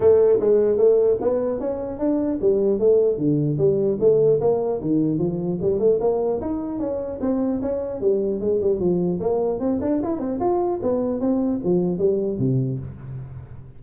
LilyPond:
\new Staff \with { instrumentName = "tuba" } { \time 4/4 \tempo 4 = 150 a4 gis4 a4 b4 | cis'4 d'4 g4 a4 | d4 g4 a4 ais4 | dis4 f4 g8 a8 ais4 |
dis'4 cis'4 c'4 cis'4 | g4 gis8 g8 f4 ais4 | c'8 d'8 e'8 c'8 f'4 b4 | c'4 f4 g4 c4 | }